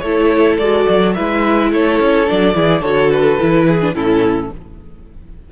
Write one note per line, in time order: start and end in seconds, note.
0.00 0.58 A3
0.00 0.61 E4
0.00 1.16 A4
0.00 0.56 C#5
0.58 0.87 G#3
0.58 1.17 F#4
0.58 1.14 D5
0.90 1.18 F#3
1.15 1.73 G#3
1.15 2.27 E4
1.15 1.72 B4
1.15 1.71 E5
1.73 2.00 A3
1.73 2.56 A4
1.73 2.30 C#5
2.00 2.28 C#4
2.27 2.55 F#3
2.27 2.54 D4
2.27 2.83 D5
2.54 2.82 E3
2.54 2.82 E4
2.54 2.82 G#4
2.82 3.38 D3
2.82 3.39 F#4
2.82 3.66 A4
2.82 3.11 C#5
3.11 3.95 B4
3.39 3.95 E3
3.39 3.81 E4
3.68 3.96 G#4
3.82 3.95 D4
3.95 4.51 A2
3.95 4.51 C#4
3.95 4.52 E4
3.95 4.52 A4